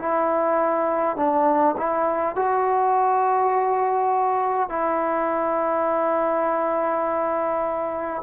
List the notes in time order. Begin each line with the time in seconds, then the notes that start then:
0.00 E4
1.17 D4
1.78 E4
2.36 F#4
4.70 E4